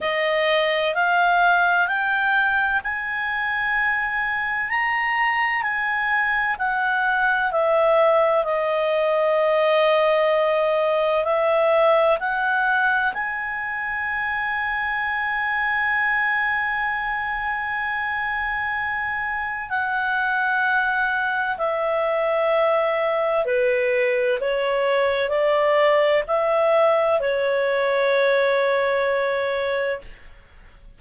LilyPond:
\new Staff \with { instrumentName = "clarinet" } { \time 4/4 \tempo 4 = 64 dis''4 f''4 g''4 gis''4~ | gis''4 ais''4 gis''4 fis''4 | e''4 dis''2. | e''4 fis''4 gis''2~ |
gis''1~ | gis''4 fis''2 e''4~ | e''4 b'4 cis''4 d''4 | e''4 cis''2. | }